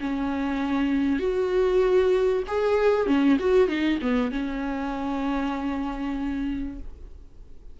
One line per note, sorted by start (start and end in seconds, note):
0.00 1.19 C#4
1.19 2.43 F#4
2.47 3.06 G#4
3.06 3.37 C#4
3.39 3.68 F#4
3.68 3.99 D#4
4.02 4.31 B3
4.31 6.79 C#4